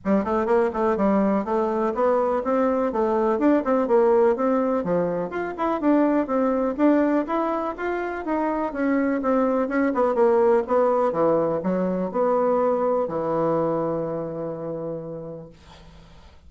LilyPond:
\new Staff \with { instrumentName = "bassoon" } { \time 4/4 \tempo 4 = 124 g8 a8 ais8 a8 g4 a4 | b4 c'4 a4 d'8 c'8 | ais4 c'4 f4 f'8 e'8 | d'4 c'4 d'4 e'4 |
f'4 dis'4 cis'4 c'4 | cis'8 b8 ais4 b4 e4 | fis4 b2 e4~ | e1 | }